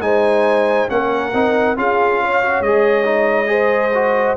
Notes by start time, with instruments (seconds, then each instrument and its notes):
0.00 tuba G#3, trombone D#4, horn C5, trumpet G#5
0.89 tuba A#3, trombone C#4, horn A#4, trumpet F#5
1.33 tuba C4, trombone D#4
1.77 tuba C#4, trombone F4, horn G#4, trumpet F5
2.22 horn C#5
2.42 trombone F#4
2.61 tuba G#3, trombone G#4, trumpet D#5
3.05 trombone D#4
3.47 trombone G#4, horn C5
3.94 trombone F#4